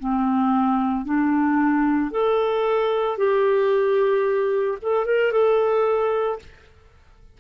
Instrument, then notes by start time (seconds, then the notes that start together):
clarinet
0.00 C4
1.05 D4
2.12 A4
3.18 G4
4.82 A4
5.06 A#4
5.32 A4